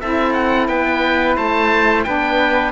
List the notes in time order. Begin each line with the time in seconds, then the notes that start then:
0.00 C4 E4 A4 E5
0.33 F#5
0.68 B3 B4 G5
1.36 A3 C5 A5
2.03 B3 D4 B4 G5